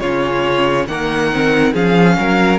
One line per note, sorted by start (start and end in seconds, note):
0.00 0.87 C#3
0.00 0.89 C#4
0.00 0.86 F4
0.00 0.86 C#5
0.87 1.73 D#3
0.87 1.32 A#3
0.87 1.73 A#4
0.87 1.73 F#5
1.32 1.75 C4
1.73 2.17 F3
1.73 2.59 C#4
1.73 2.16 G#4
1.73 2.59 F5
2.19 2.59 F#3
2.19 2.59 A#4